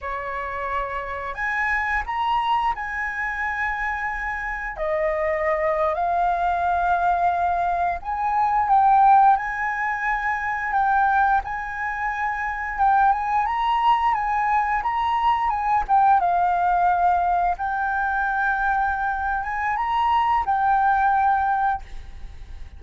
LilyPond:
\new Staff \with { instrumentName = "flute" } { \time 4/4 \tempo 4 = 88 cis''2 gis''4 ais''4 | gis''2. dis''4~ | dis''8. f''2. gis''16~ | gis''8. g''4 gis''2 g''16~ |
g''8. gis''2 g''8 gis''8 ais''16~ | ais''8. gis''4 ais''4 gis''8 g''8 f''16~ | f''4.~ f''16 g''2~ g''16~ | g''8 gis''8 ais''4 g''2 | }